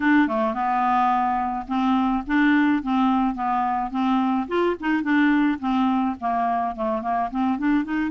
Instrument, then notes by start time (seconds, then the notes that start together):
clarinet
0.00 D4
0.27 A3
0.54 B3
1.67 C4
2.27 D4
2.82 C4
3.34 B3
3.90 C4
4.48 F4
4.79 D#4
5.02 D4
5.59 C4
6.20 A#3
6.75 A3
7.02 A#3
7.30 C4
7.58 D4
7.84 D#4